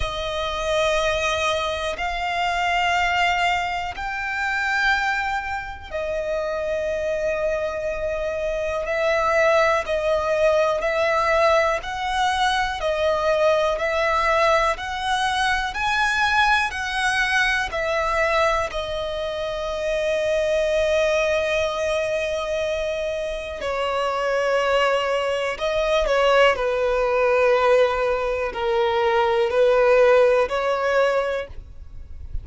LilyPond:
\new Staff \with { instrumentName = "violin" } { \time 4/4 \tempo 4 = 61 dis''2 f''2 | g''2 dis''2~ | dis''4 e''4 dis''4 e''4 | fis''4 dis''4 e''4 fis''4 |
gis''4 fis''4 e''4 dis''4~ | dis''1 | cis''2 dis''8 cis''8 b'4~ | b'4 ais'4 b'4 cis''4 | }